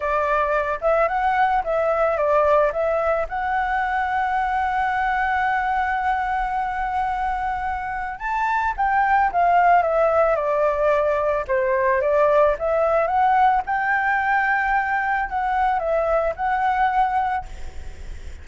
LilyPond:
\new Staff \with { instrumentName = "flute" } { \time 4/4 \tempo 4 = 110 d''4. e''8 fis''4 e''4 | d''4 e''4 fis''2~ | fis''1~ | fis''2. a''4 |
g''4 f''4 e''4 d''4~ | d''4 c''4 d''4 e''4 | fis''4 g''2. | fis''4 e''4 fis''2 | }